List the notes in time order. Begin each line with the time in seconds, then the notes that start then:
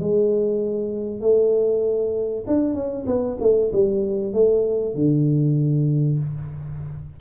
0.00 G#3
1.21 A3
2.47 D4
2.75 C#4
3.07 B3
3.41 A3
3.73 G3
4.34 A3
4.95 D3